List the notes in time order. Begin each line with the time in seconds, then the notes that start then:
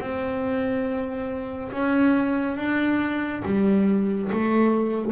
0.00 C4
1.72 C#4
2.57 D4
3.45 G3
4.32 A3